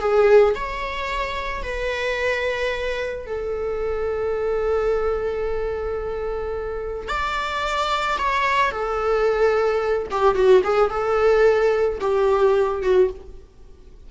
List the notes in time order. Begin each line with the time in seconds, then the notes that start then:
0.00 G#4
0.55 C#5
1.63 B4
3.27 A4
7.09 D5
8.18 C#5
8.71 A4
10.11 G4
10.35 F#4
10.64 G#4
10.90 A4
12.01 G4
12.83 F#4